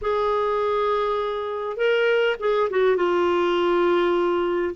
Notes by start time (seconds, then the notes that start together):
0.01 G#4
1.76 A#4
2.39 G#4
2.70 F#4
2.96 F4